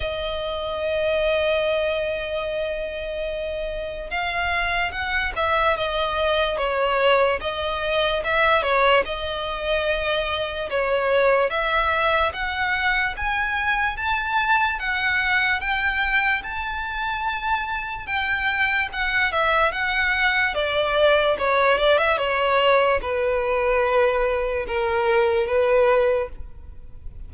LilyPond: \new Staff \with { instrumentName = "violin" } { \time 4/4 \tempo 4 = 73 dis''1~ | dis''4 f''4 fis''8 e''8 dis''4 | cis''4 dis''4 e''8 cis''8 dis''4~ | dis''4 cis''4 e''4 fis''4 |
gis''4 a''4 fis''4 g''4 | a''2 g''4 fis''8 e''8 | fis''4 d''4 cis''8 d''16 e''16 cis''4 | b'2 ais'4 b'4 | }